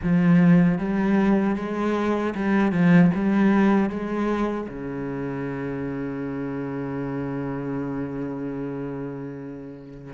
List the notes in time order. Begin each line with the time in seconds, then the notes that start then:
0.02 F3
0.78 G3
1.55 G#3
2.34 G3
2.72 F3
3.14 G3
3.89 G#3
4.68 C#3